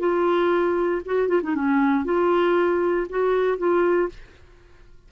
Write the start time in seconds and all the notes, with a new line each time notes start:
0.00 F4
1.06 F#4
1.29 F4
1.43 D#4
1.56 C#4
2.05 F4
3.10 F#4
3.58 F4